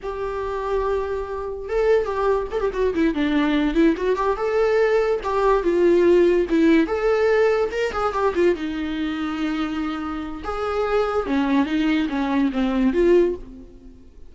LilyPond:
\new Staff \with { instrumentName = "viola" } { \time 4/4 \tempo 4 = 144 g'1 | a'4 g'4 a'16 g'16 fis'8 e'8 d'8~ | d'4 e'8 fis'8 g'8 a'4.~ | a'8 g'4 f'2 e'8~ |
e'8 a'2 ais'8 gis'8 g'8 | f'8 dis'2.~ dis'8~ | dis'4 gis'2 cis'4 | dis'4 cis'4 c'4 f'4 | }